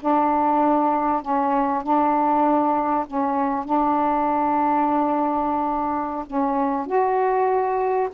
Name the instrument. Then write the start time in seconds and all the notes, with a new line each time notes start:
saxophone
0.00 D4
1.22 C#4
1.83 D4
3.06 C#4
3.65 D4
6.26 C#4
6.86 F#4